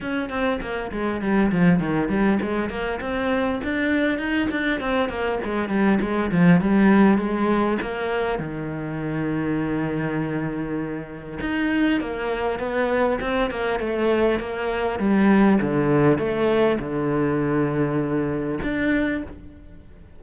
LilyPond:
\new Staff \with { instrumentName = "cello" } { \time 4/4 \tempo 4 = 100 cis'8 c'8 ais8 gis8 g8 f8 dis8 g8 | gis8 ais8 c'4 d'4 dis'8 d'8 | c'8 ais8 gis8 g8 gis8 f8 g4 | gis4 ais4 dis2~ |
dis2. dis'4 | ais4 b4 c'8 ais8 a4 | ais4 g4 d4 a4 | d2. d'4 | }